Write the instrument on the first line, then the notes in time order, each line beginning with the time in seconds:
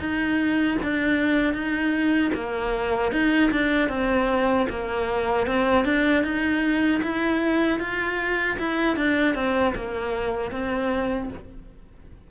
cello
0.00 D#4
0.83 D4
1.54 D#4
2.34 A#3
3.12 D#4
3.51 D4
3.89 C4
4.70 A#3
5.47 C4
5.85 D4
6.24 D#4
7.03 E4
7.80 F4
8.59 E4
8.97 D4
9.35 C4
9.75 A#3
10.52 C4